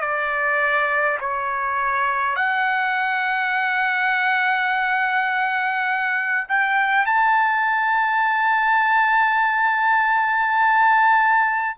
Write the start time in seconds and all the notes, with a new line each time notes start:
0.00 D5
1.20 C#5
2.36 F#5
6.48 G5
7.05 A5